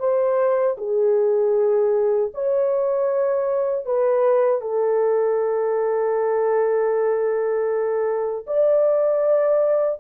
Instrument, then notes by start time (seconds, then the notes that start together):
horn
0.00 C5
0.78 G#4
2.35 C#5
3.86 B4
4.62 A4
8.47 D5